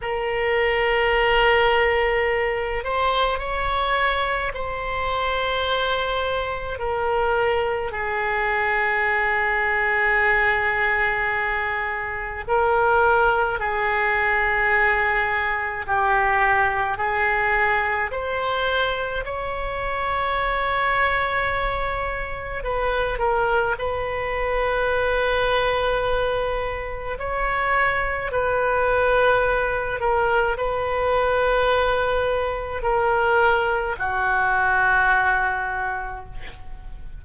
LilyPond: \new Staff \with { instrumentName = "oboe" } { \time 4/4 \tempo 4 = 53 ais'2~ ais'8 c''8 cis''4 | c''2 ais'4 gis'4~ | gis'2. ais'4 | gis'2 g'4 gis'4 |
c''4 cis''2. | b'8 ais'8 b'2. | cis''4 b'4. ais'8 b'4~ | b'4 ais'4 fis'2 | }